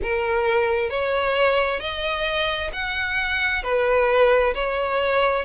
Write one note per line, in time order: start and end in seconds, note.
0.02 0.90 A#4
0.90 1.79 C#5
1.79 2.70 D#5
2.73 3.63 F#5
3.63 4.54 B4
4.54 5.45 C#5